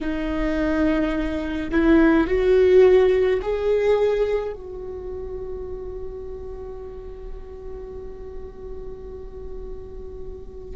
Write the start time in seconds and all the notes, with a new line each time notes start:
0.01 D#4
1.71 E4
2.27 F#4
3.42 G#4
4.53 F#4